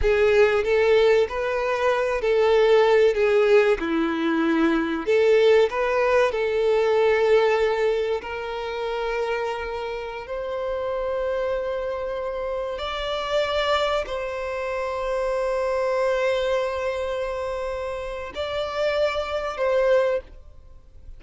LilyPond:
\new Staff \with { instrumentName = "violin" } { \time 4/4 \tempo 4 = 95 gis'4 a'4 b'4. a'8~ | a'4 gis'4 e'2 | a'4 b'4 a'2~ | a'4 ais'2.~ |
ais'16 c''2.~ c''8.~ | c''16 d''2 c''4.~ c''16~ | c''1~ | c''4 d''2 c''4 | }